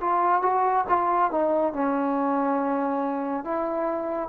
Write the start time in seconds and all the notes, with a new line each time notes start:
0.00 F4
0.42 F#4
0.88 F4
1.31 D#4
1.73 C#4
3.44 E4